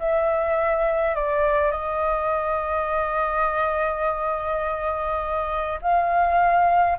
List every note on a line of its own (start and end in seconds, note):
0.00 1.16 E5
1.16 1.72 D5
1.72 5.80 D#5
5.82 6.98 F5